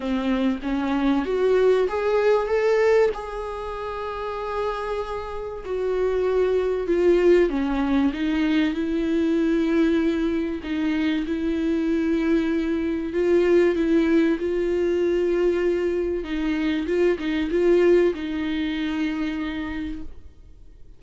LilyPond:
\new Staff \with { instrumentName = "viola" } { \time 4/4 \tempo 4 = 96 c'4 cis'4 fis'4 gis'4 | a'4 gis'2.~ | gis'4 fis'2 f'4 | cis'4 dis'4 e'2~ |
e'4 dis'4 e'2~ | e'4 f'4 e'4 f'4~ | f'2 dis'4 f'8 dis'8 | f'4 dis'2. | }